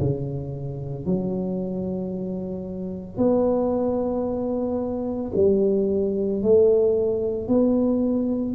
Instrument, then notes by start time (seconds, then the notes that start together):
tuba
0.00 C#3
1.06 F#3
3.18 B3
5.36 G3
6.43 A3
7.48 B3